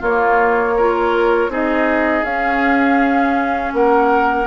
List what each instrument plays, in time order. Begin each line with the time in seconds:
0.00 bassoon A#3, oboe F4, flute C#5
0.06 clarinet A#3
0.77 clarinet F4, oboe A#4
1.49 bassoon C4, clarinet D#4, oboe G#4, flute D#5
2.24 bassoon C#4, clarinet C#4, flute F5
3.74 bassoon A#3, oboe A#4, flute F#5